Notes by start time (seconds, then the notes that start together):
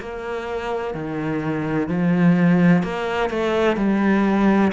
0.00 A#3
0.94 D#3
1.88 F3
2.83 A#3
3.30 A3
3.77 G3